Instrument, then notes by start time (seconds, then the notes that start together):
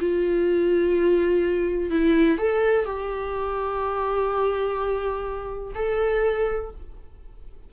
viola
0.00 F4
1.91 E4
2.38 A4
2.85 G4
5.75 A4